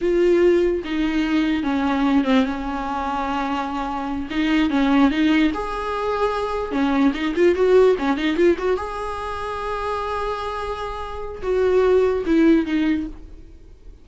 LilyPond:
\new Staff \with { instrumentName = "viola" } { \time 4/4 \tempo 4 = 147 f'2 dis'2 | cis'4. c'8 cis'2~ | cis'2~ cis'8 dis'4 cis'8~ | cis'8 dis'4 gis'2~ gis'8~ |
gis'8 cis'4 dis'8 f'8 fis'4 cis'8 | dis'8 f'8 fis'8 gis'2~ gis'8~ | gis'1 | fis'2 e'4 dis'4 | }